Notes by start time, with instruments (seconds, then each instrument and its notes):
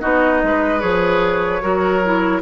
0.00 bassoon B3, clarinet D#4, oboe F#4, flute D#5
0.43 bassoon G#3, oboe B4
0.79 bassoon F3, clarinet G#4, flute C#5
1.61 bassoon F#3, clarinet F#4, oboe A#4
2.05 clarinet E4